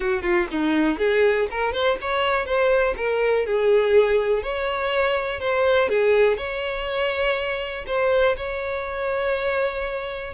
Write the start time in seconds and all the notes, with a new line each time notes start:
0.00 F#4
0.22 F4
0.51 D#4
0.98 G#4
1.50 A#4
1.73 C5
2.01 C#5
2.45 C5
2.96 A#4
3.46 G#4
4.43 C#5
5.40 C5
5.88 G#4
6.37 C#5
7.86 C5
8.37 C#5